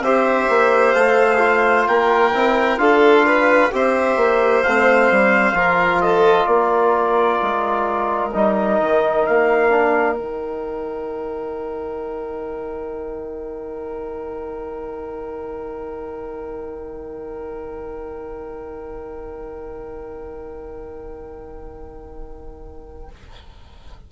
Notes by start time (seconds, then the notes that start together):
0.00 C4 G4 C5 E5
0.49 A#3
0.93 A3 A4 F5
1.38 F4
1.87 A#3 A#4 G5
2.34 C4 E4
2.78 D4 F4 A4 F5
3.26 B4
3.71 C4 G4 C5 E5
4.16 A#3
4.63 A3 C4 F5
5.11 G3
5.53 F3 F4 A#4
6.01 A4 D#5
6.45 A#3 A#4 D5
7.42 G#3
8.33 G3 D#4 D#5
8.80 D#3
9.26 A#3 F5
9.70 D4
10.16 D#3 D#4 G5